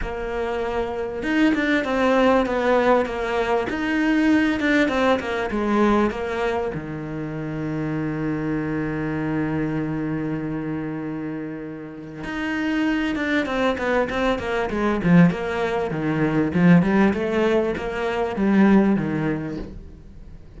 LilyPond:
\new Staff \with { instrumentName = "cello" } { \time 4/4 \tempo 4 = 98 ais2 dis'8 d'8 c'4 | b4 ais4 dis'4. d'8 | c'8 ais8 gis4 ais4 dis4~ | dis1~ |
dis1 | dis'4. d'8 c'8 b8 c'8 ais8 | gis8 f8 ais4 dis4 f8 g8 | a4 ais4 g4 dis4 | }